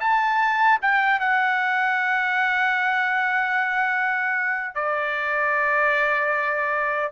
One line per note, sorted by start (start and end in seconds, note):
0.00 0.79 A5
0.82 1.20 G5
1.20 4.75 F#5
4.75 7.12 D5